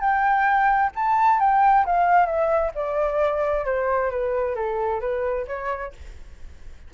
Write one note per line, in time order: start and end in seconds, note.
0.00 0.91 G5
0.95 1.40 A5
1.40 1.85 G5
1.86 2.26 F5
2.26 2.72 E5
2.75 3.65 D5
3.65 4.11 C5
4.11 4.56 B4
4.56 5.01 A4
5.01 5.46 B4
5.48 5.93 C#5